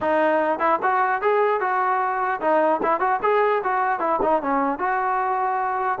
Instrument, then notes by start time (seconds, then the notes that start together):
trombone
0.00 D#4
0.59 E4
0.82 F#4
1.21 G#4
1.60 F#4
2.40 D#4
2.82 E4
3.00 F#4
3.22 G#4
3.63 F#4
3.99 E4
4.21 D#4
4.42 C#4
4.79 F#4